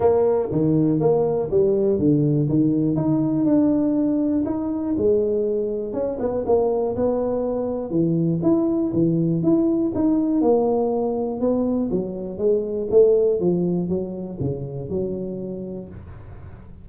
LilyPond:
\new Staff \with { instrumentName = "tuba" } { \time 4/4 \tempo 4 = 121 ais4 dis4 ais4 g4 | d4 dis4 dis'4 d'4~ | d'4 dis'4 gis2 | cis'8 b8 ais4 b2 |
e4 e'4 e4 e'4 | dis'4 ais2 b4 | fis4 gis4 a4 f4 | fis4 cis4 fis2 | }